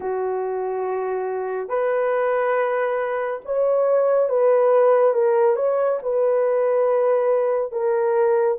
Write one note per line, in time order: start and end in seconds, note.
0.00 1.68 F#4
1.68 3.40 B4
3.45 4.29 C#5
4.29 5.14 B4
5.14 5.56 A#4
5.56 5.98 C#5
6.02 7.71 B4
7.71 8.57 A#4